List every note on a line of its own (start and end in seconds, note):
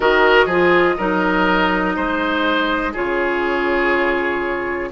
0.00 0.45 D#3
0.00 0.49 F#4
0.00 0.46 A#4
0.00 2.93 D#5
0.45 0.95 F3
0.45 0.98 F4
0.45 0.95 G#4
0.97 1.96 F#3
0.97 2.94 D#4
0.97 1.95 A#4
1.96 2.95 G#3
1.96 2.92 C5
2.92 4.91 C#3
2.92 4.91 F4
2.92 4.89 G#4
2.92 4.91 C#5